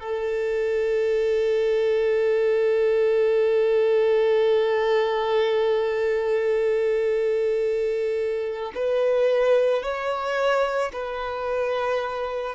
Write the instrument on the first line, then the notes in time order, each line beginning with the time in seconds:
violin
0.00 A4
8.75 B4
9.83 C#5
10.93 B4